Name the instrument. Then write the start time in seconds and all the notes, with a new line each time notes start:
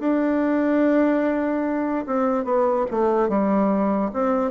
bassoon
0.00 D4
2.07 C4
2.45 B3
2.91 A3
3.29 G3
4.14 C4